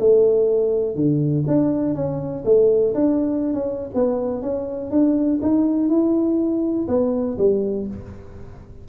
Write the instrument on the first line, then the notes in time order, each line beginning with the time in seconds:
tuba
0.00 A3
0.96 D3
1.48 D4
1.95 C#4
2.45 A3
2.95 D4
3.54 C#4
3.95 B3
4.42 C#4
4.91 D4
5.43 D#4
5.89 E4
6.88 B3
7.39 G3